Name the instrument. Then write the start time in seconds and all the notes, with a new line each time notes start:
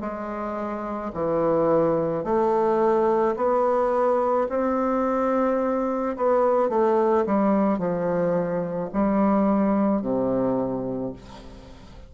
bassoon
0.00 G#3
1.13 E3
2.24 A3
3.36 B3
4.49 C4
6.16 B3
6.69 A3
7.26 G3
7.78 F3
8.93 G3
10.02 C3